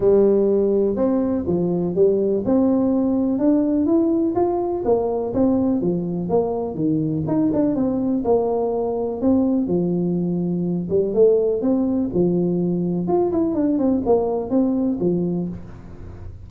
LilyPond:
\new Staff \with { instrumentName = "tuba" } { \time 4/4 \tempo 4 = 124 g2 c'4 f4 | g4 c'2 d'4 | e'4 f'4 ais4 c'4 | f4 ais4 dis4 dis'8 d'8 |
c'4 ais2 c'4 | f2~ f8 g8 a4 | c'4 f2 f'8 e'8 | d'8 c'8 ais4 c'4 f4 | }